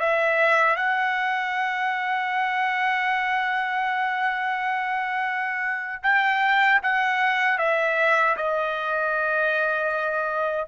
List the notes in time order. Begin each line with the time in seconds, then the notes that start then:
0.00 E5
0.77 F#5
6.03 G5
6.83 F#5
7.59 E5
8.37 D#5